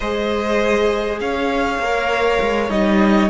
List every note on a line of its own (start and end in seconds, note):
0.00 1.20 G#3
0.00 1.82 G#4
0.00 1.19 C5
0.00 1.19 D#5
1.20 1.79 C#4
1.20 3.30 C#5
1.20 2.70 F5
1.79 2.39 A#3
1.79 2.70 A#4
2.41 2.69 G#3
2.69 3.29 G3
2.69 3.30 D#4
2.69 3.30 D#5